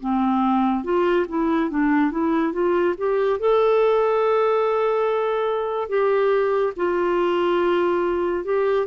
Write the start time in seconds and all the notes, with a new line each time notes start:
0.00 C4
0.84 F4
1.28 E4
1.70 D4
2.11 E4
2.52 F4
2.98 G4
3.39 A4
5.88 G4
6.76 F4
8.44 G4